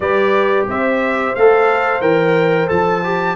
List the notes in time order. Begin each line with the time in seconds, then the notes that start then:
0.00 G3 G4 B4 D5
0.68 C4 C5 E5
1.35 A3 A4 F5
2.01 E3 A#4 G5
2.67 F3 A4 A5
3.03 G4